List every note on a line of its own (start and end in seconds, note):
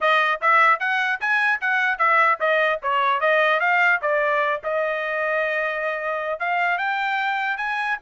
0.00 0.40 D#5
0.41 0.79 E5
0.79 1.19 F#5
1.20 1.60 G#5
1.60 1.98 F#5
1.98 2.38 E5
2.40 2.80 D#5
2.82 3.20 C#5
3.20 3.59 D#5
3.59 3.99 F5
4.01 4.61 D5
4.63 6.39 D#5
6.39 6.78 F5
6.78 7.57 G5
7.57 7.97 G#5